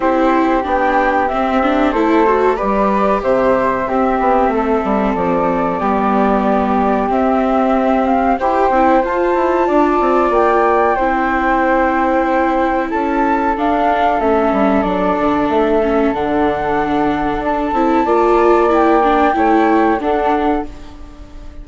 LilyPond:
<<
  \new Staff \with { instrumentName = "flute" } { \time 4/4 \tempo 4 = 93 c''4 g''4 e''4 c''4 | d''4 e''2. | d''2. e''4~ | e''8 f''8 g''4 a''2 |
g''1 | a''4 f''4 e''4 d''4 | e''4 fis''2 a''4~ | a''4 g''2 fis''4 | }
  \new Staff \with { instrumentName = "flute" } { \time 4/4 g'2. a'4 | b'4 c''4 g'4 a'4~ | a'4 g'2.~ | g'4 c''2 d''4~ |
d''4 c''2. | a'1~ | a'1 | d''2 cis''4 a'4 | }
  \new Staff \with { instrumentName = "viola" } { \time 4/4 e'4 d'4 c'8 d'8 e'8 fis'8 | g'2 c'2~ | c'4 b2 c'4~ | c'4 g'8 e'8 f'2~ |
f'4 e'2.~ | e'4 d'4 cis'4 d'4~ | d'8 cis'8 d'2~ d'8 e'8 | f'4 e'8 d'8 e'4 d'4 | }
  \new Staff \with { instrumentName = "bassoon" } { \time 4/4 c'4 b4 c'4 a4 | g4 c4 c'8 b8 a8 g8 | f4 g2 c'4~ | c'4 e'8 c'8 f'8 e'8 d'8 c'8 |
ais4 c'2. | cis'4 d'4 a8 g8 fis8 d8 | a4 d2 d'8 c'8 | ais2 a4 d'4 | }
>>